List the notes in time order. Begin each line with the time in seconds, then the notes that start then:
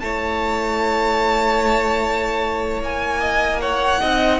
0.00 A3 E4 C#5 A5
2.81 A#3 G#5
3.20 D#5
3.61 C#5 F#5
4.00 C4 D#4 D#5